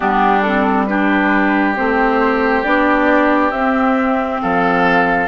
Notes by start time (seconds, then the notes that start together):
0.00 G3 B3 D4 G4
0.42 C4 A4
0.86 D4 G4 B4
1.76 A3 C4 C5
2.63 B3 D4 D5
3.51 C4 E5
4.42 F3 A4 F5